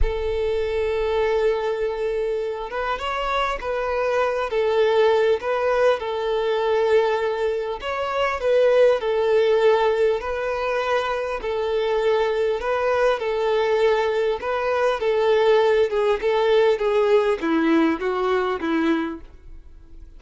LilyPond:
\new Staff \with { instrumentName = "violin" } { \time 4/4 \tempo 4 = 100 a'1~ | a'8 b'8 cis''4 b'4. a'8~ | a'4 b'4 a'2~ | a'4 cis''4 b'4 a'4~ |
a'4 b'2 a'4~ | a'4 b'4 a'2 | b'4 a'4. gis'8 a'4 | gis'4 e'4 fis'4 e'4 | }